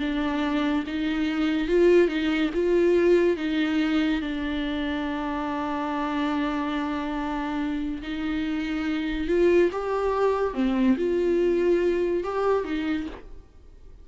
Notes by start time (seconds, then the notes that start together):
0.00 D4
0.88 D#4
1.68 F4
2.09 D#4
2.55 F4
3.37 D#4
4.22 D4
8.02 D#4
9.28 F4
9.73 G4
10.54 C4
10.98 F4
12.24 G4
12.65 D#4